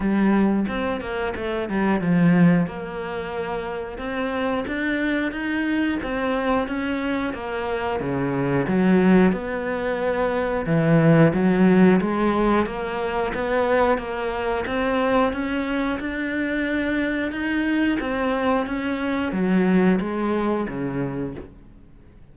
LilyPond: \new Staff \with { instrumentName = "cello" } { \time 4/4 \tempo 4 = 90 g4 c'8 ais8 a8 g8 f4 | ais2 c'4 d'4 | dis'4 c'4 cis'4 ais4 | cis4 fis4 b2 |
e4 fis4 gis4 ais4 | b4 ais4 c'4 cis'4 | d'2 dis'4 c'4 | cis'4 fis4 gis4 cis4 | }